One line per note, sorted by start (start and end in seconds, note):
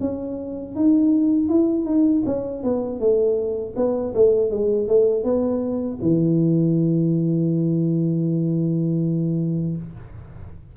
0.00 0.75 C#4
0.75 1.49 D#4
1.49 1.85 E4
1.85 2.23 D#4
2.25 2.63 C#4
2.63 2.99 B3
2.99 3.74 A3
3.76 4.13 B3
4.14 4.50 A3
4.50 4.88 G#3
4.88 5.24 A3
5.24 5.99 B3
6.01 9.76 E3